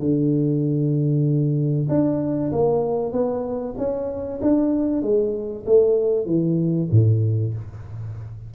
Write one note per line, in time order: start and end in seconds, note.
0.00 1.88 D3
1.89 2.51 D4
2.52 3.12 A#3
3.12 3.75 B3
3.78 4.40 C#4
4.42 5.03 D4
5.03 5.65 G#3
5.66 6.26 A3
6.26 6.88 E3
6.91 7.54 A2